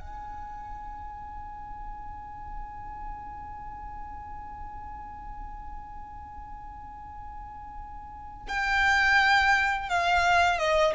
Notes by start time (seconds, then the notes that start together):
0.00 G#5
8.48 G5
9.89 F5
10.59 D#5